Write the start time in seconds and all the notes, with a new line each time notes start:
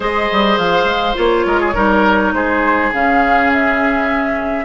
0.00 G#3 G#4 C5 D#5
0.31 G3
0.57 F3 F5
0.84 G#3
1.14 A#3 F4 C#5
1.45 G#3 A#4
1.60 G#4
1.74 G3 D#4 A#4
2.33 G#3 G#4 C5
2.92 C#3 C#4 F5
3.52 E5